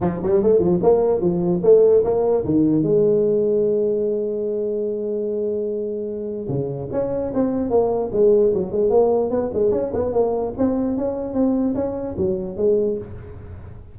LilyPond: \new Staff \with { instrumentName = "tuba" } { \time 4/4 \tempo 4 = 148 f8 g8 a8 f8 ais4 f4 | a4 ais4 dis4 gis4~ | gis1~ | gis1 |
cis4 cis'4 c'4 ais4 | gis4 fis8 gis8 ais4 b8 gis8 | cis'8 b8 ais4 c'4 cis'4 | c'4 cis'4 fis4 gis4 | }